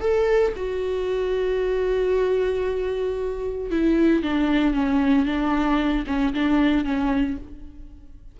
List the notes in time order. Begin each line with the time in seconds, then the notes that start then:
0.00 A4
0.56 F#4
3.70 E4
4.22 D4
4.73 C#4
5.25 D4
6.06 C#4
6.33 D4
6.84 C#4